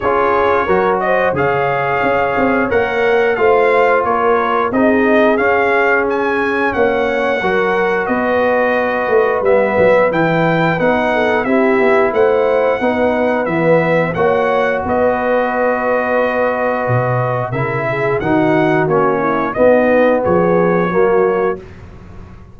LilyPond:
<<
  \new Staff \with { instrumentName = "trumpet" } { \time 4/4 \tempo 4 = 89 cis''4. dis''8 f''2 | fis''4 f''4 cis''4 dis''4 | f''4 gis''4 fis''2 | dis''2 e''4 g''4 |
fis''4 e''4 fis''2 | e''4 fis''4 dis''2~ | dis''2 e''4 fis''4 | cis''4 dis''4 cis''2 | }
  \new Staff \with { instrumentName = "horn" } { \time 4/4 gis'4 ais'8 c''8 cis''2~ | cis''4 c''4 ais'4 gis'4~ | gis'2 cis''4 ais'4 | b'1~ |
b'8 a'8 g'4 c''4 b'4~ | b'4 cis''4 b'2~ | b'2 ais'8 gis'8 fis'4~ | fis'8 e'8 dis'4 gis'4 fis'4 | }
  \new Staff \with { instrumentName = "trombone" } { \time 4/4 f'4 fis'4 gis'2 | ais'4 f'2 dis'4 | cis'2. fis'4~ | fis'2 b4 e'4 |
dis'4 e'2 dis'4 | b4 fis'2.~ | fis'2 e'4 dis'4 | cis'4 b2 ais4 | }
  \new Staff \with { instrumentName = "tuba" } { \time 4/4 cis'4 fis4 cis4 cis'8 c'8 | ais4 a4 ais4 c'4 | cis'2 ais4 fis4 | b4. a8 g8 fis8 e4 |
b4 c'8 b8 a4 b4 | e4 ais4 b2~ | b4 b,4 cis4 dis4 | ais4 b4 f4 fis4 | }
>>